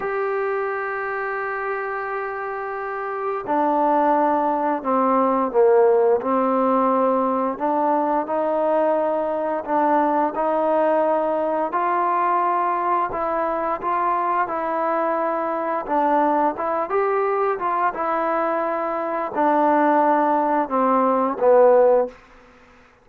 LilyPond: \new Staff \with { instrumentName = "trombone" } { \time 4/4 \tempo 4 = 87 g'1~ | g'4 d'2 c'4 | ais4 c'2 d'4 | dis'2 d'4 dis'4~ |
dis'4 f'2 e'4 | f'4 e'2 d'4 | e'8 g'4 f'8 e'2 | d'2 c'4 b4 | }